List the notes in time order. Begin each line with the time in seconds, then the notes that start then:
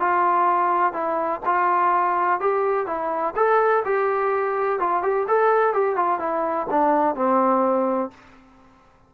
0.00 F4
0.93 E4
1.46 F4
2.40 G4
2.87 E4
3.36 A4
3.85 G4
4.80 F4
5.03 G4
5.28 A4
5.74 G4
5.96 F4
6.19 E4
6.70 D4
7.16 C4